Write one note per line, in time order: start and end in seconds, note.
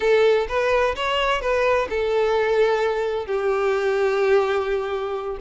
0.00 0.47 A4
0.48 0.95 B4
0.95 1.41 C#5
1.41 1.88 B4
1.89 3.26 A4
3.26 5.37 G4